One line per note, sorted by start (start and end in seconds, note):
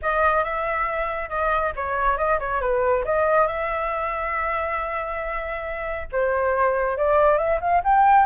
0.01 0.44 D#5
0.44 1.29 E5
1.29 1.72 D#5
1.76 2.17 C#5
2.17 2.39 D#5
2.39 2.60 C#5
2.60 3.04 B4
3.04 3.47 D#5
3.47 6.08 E5
6.12 6.97 C5
6.97 7.38 D5
7.38 7.59 E5
7.60 7.82 F5
7.84 8.25 G5